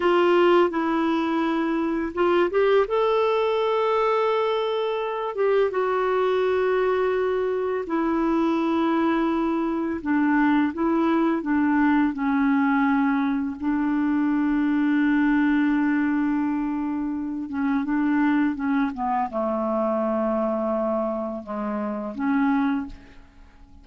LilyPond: \new Staff \with { instrumentName = "clarinet" } { \time 4/4 \tempo 4 = 84 f'4 e'2 f'8 g'8 | a'2.~ a'8 g'8 | fis'2. e'4~ | e'2 d'4 e'4 |
d'4 cis'2 d'4~ | d'1~ | d'8 cis'8 d'4 cis'8 b8 a4~ | a2 gis4 cis'4 | }